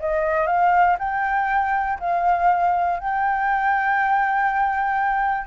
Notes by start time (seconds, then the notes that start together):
0.00 D#5
0.47 F5
0.99 G5
2.00 F5
3.00 G5